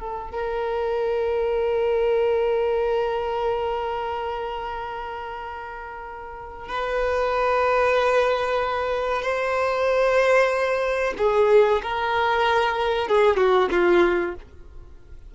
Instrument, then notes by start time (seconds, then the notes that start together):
violin
0.00 A4
0.31 A#4
6.68 B4
9.22 C5
11.18 G#4
11.83 A#4
13.08 G#4
13.37 F#4
13.71 F4